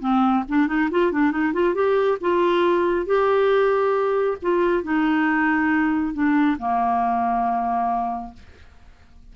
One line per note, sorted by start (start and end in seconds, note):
0.00 0.44 C4
0.48 0.67 D4
0.67 0.89 D#4
0.91 1.12 F4
1.12 1.31 D4
1.31 1.53 D#4
1.53 1.74 F4
1.74 2.18 G4
2.21 3.06 F4
3.06 4.37 G4
4.42 4.83 F4
4.83 6.13 D#4
6.13 6.57 D4
6.58 8.33 A#3